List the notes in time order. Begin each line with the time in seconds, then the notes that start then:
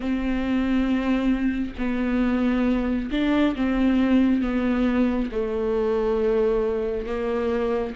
0.00 C4
1.78 B3
3.11 D4
3.55 C4
4.41 B3
5.31 A3
7.06 A#3